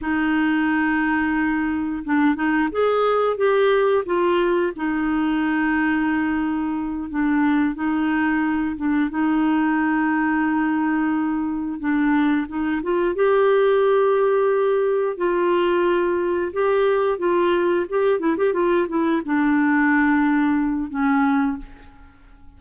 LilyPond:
\new Staff \with { instrumentName = "clarinet" } { \time 4/4 \tempo 4 = 89 dis'2. d'8 dis'8 | gis'4 g'4 f'4 dis'4~ | dis'2~ dis'8 d'4 dis'8~ | dis'4 d'8 dis'2~ dis'8~ |
dis'4. d'4 dis'8 f'8 g'8~ | g'2~ g'8 f'4.~ | f'8 g'4 f'4 g'8 e'16 g'16 f'8 | e'8 d'2~ d'8 cis'4 | }